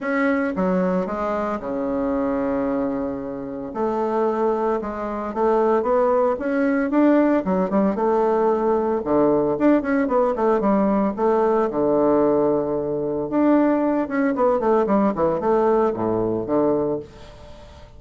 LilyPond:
\new Staff \with { instrumentName = "bassoon" } { \time 4/4 \tempo 4 = 113 cis'4 fis4 gis4 cis4~ | cis2. a4~ | a4 gis4 a4 b4 | cis'4 d'4 fis8 g8 a4~ |
a4 d4 d'8 cis'8 b8 a8 | g4 a4 d2~ | d4 d'4. cis'8 b8 a8 | g8 e8 a4 a,4 d4 | }